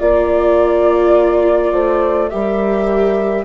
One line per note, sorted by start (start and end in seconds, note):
0.00 1.73 A#3
0.00 2.31 F4
0.00 1.73 D5
0.00 2.29 D5
1.73 2.31 A3
1.73 2.31 C5
2.29 3.45 G3
2.29 3.45 G4
2.29 3.45 A#4
2.29 3.44 E5